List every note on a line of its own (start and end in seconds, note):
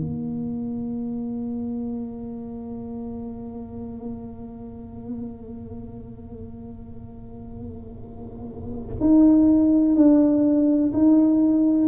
0.00 8.95 A#3
9.00 9.95 D#4
9.95 10.92 D4
10.93 11.88 D#4